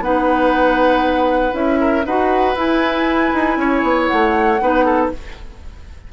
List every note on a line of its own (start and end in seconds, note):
0.00 1.53 B3
0.00 1.52 D#4
0.00 1.80 B4
0.00 1.55 F#5
1.52 2.04 C#4
1.52 2.03 E4
1.52 2.05 E5
1.80 2.06 A#4
2.06 2.55 D#4
2.06 2.55 F#4
2.06 3.59 B4
2.06 2.57 F#5
2.55 3.31 E4
2.55 4.58 E4
2.55 4.06 G#5
3.34 3.57 D#4
3.57 3.82 C#4
3.57 4.62 C#5
3.83 4.08 B3
4.06 5.08 F#5
4.13 4.61 A3
4.61 5.12 B3
4.61 5.13 D#4
4.61 4.85 B4
4.85 5.11 A4